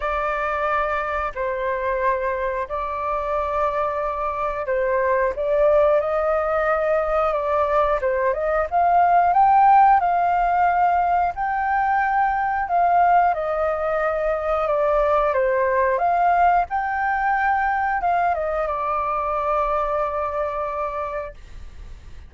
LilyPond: \new Staff \with { instrumentName = "flute" } { \time 4/4 \tempo 4 = 90 d''2 c''2 | d''2. c''4 | d''4 dis''2 d''4 | c''8 dis''8 f''4 g''4 f''4~ |
f''4 g''2 f''4 | dis''2 d''4 c''4 | f''4 g''2 f''8 dis''8 | d''1 | }